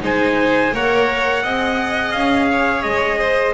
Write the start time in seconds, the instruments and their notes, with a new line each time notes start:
0.00 double bass G#3, viola D#4, violin C5, trumpet G#5
0.73 double bass A#3, viola A#4, violin C#5, trumpet F#5
1.43 double bass C4, viola G#4, violin D#5
2.11 double bass C#4, trumpet F5
2.51 violin C#5
2.82 double bass G#3, trumpet D#5
3.18 violin C5